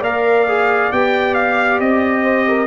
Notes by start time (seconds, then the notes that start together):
0.00 A#3 A#4 D5 F5
0.48 G#4
0.92 B3 G4 G5
1.35 F5
1.80 C4 D#5
2.24 C5
2.49 A#4